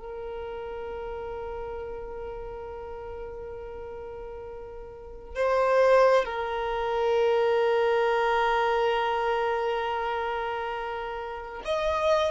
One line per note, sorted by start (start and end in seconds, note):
0.00 5.36 A#4
5.36 6.25 C5
6.25 11.63 A#4
11.65 12.32 D#5